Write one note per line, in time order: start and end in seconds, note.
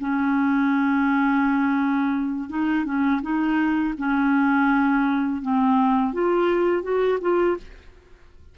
0.00 2.49 C#4
2.49 2.85 D#4
2.85 3.21 C#4
3.22 3.94 D#4
3.98 5.42 C#4
5.42 6.13 C4
6.13 6.82 F4
6.82 7.19 F#4
7.21 7.57 F4